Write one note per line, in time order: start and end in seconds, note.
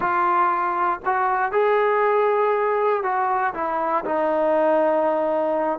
0.00 0.99 F4
1.05 1.51 F#4
1.51 3.03 G#4
3.03 3.53 F#4
3.54 4.04 E4
4.04 5.79 D#4